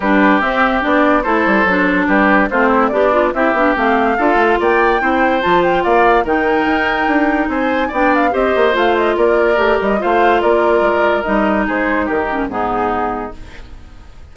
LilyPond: <<
  \new Staff \with { instrumentName = "flute" } { \time 4/4 \tempo 4 = 144 b'4 e''4 d''4 c''4~ | c''4 b'4 c''4 d''4 | e''4 f''2 g''4~ | g''4 a''8 g''8 f''4 g''4~ |
g''2 gis''4 g''8 f''8 | dis''4 f''8 dis''8 d''4. dis''8 | f''4 d''2 dis''4 | c''4 ais'4 gis'2 | }
  \new Staff \with { instrumentName = "oboe" } { \time 4/4 g'2. a'4~ | a'4 g'4 f'8 e'8 d'4 | g'2 a'4 d''4 | c''2 d''4 ais'4~ |
ais'2 c''4 d''4 | c''2 ais'2 | c''4 ais'2. | gis'4 g'4 dis'2 | }
  \new Staff \with { instrumentName = "clarinet" } { \time 4/4 d'4 c'4 d'4 e'4 | d'2 c'4 g'8 f'8 | e'8 d'8 c'4 f'2 | e'4 f'2 dis'4~ |
dis'2. d'4 | g'4 f'2 g'4 | f'2. dis'4~ | dis'4. cis'8 b2 | }
  \new Staff \with { instrumentName = "bassoon" } { \time 4/4 g4 c'4 b4 a8 g8 | fis4 g4 a4 b4 | c'8 b8 a4 d'8 a8 ais4 | c'4 f4 ais4 dis4 |
dis'4 d'4 c'4 b4 | c'8 ais8 a4 ais4 a8 g8 | a4 ais4 gis4 g4 | gis4 dis4 gis,2 | }
>>